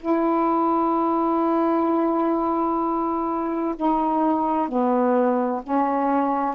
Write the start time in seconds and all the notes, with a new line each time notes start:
0.00 E4
3.76 D#4
4.68 B3
5.63 C#4